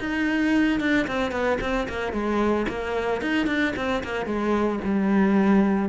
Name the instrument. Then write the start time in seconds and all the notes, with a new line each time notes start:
cello
0.00 D#4
0.80 D4
1.08 C4
1.32 B3
1.61 C4
1.89 A#3
2.13 G#3
2.69 A#3
3.22 D#4
3.47 D4
3.76 C4
4.04 A#3
4.26 G#3
4.84 G3